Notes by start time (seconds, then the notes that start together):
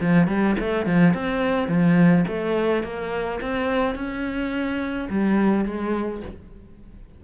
0.00 F3
0.27 G3
0.59 A3
0.85 F3
1.14 C4
1.68 F3
2.27 A3
2.83 A#3
3.41 C4
3.95 C#4
5.10 G3
5.65 G#3